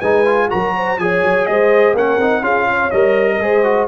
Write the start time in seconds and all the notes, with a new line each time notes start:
0.00 G#3 D#4 B4 G#5
0.26 F4
0.49 F#3 F#4 A#4 A#5
0.77 C5
0.98 F3 G#4 C#5 G#5
1.23 F#3
1.47 G#3 C5 D#5
1.94 A#3 C#4 A#4 F#5
2.18 C4 D#4
2.42 C#4 F4 G#4 F5
2.70 C#5
2.91 G3 A#4 D#5
3.31 A#4
3.40 G#3 G#4 C5
3.64 F#4